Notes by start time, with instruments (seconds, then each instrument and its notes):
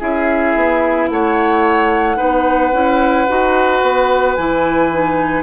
0.00 bassoon C#4, clarinet E4, oboe G#4, flute E5
0.56 bassoon B3
1.09 bassoon A3, oboe C#5, flute F#5
2.17 bassoon B3, clarinet D#4, oboe B4
2.73 bassoon C#4, clarinet E4
3.29 bassoon D#4, clarinet F#4
3.83 bassoon B3
4.35 bassoon E3, clarinet E4, flute G#5
4.92 clarinet D#4